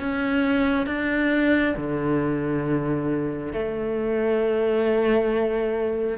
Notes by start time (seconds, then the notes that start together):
0.00 C#4
0.87 D4
1.77 D3
3.53 A3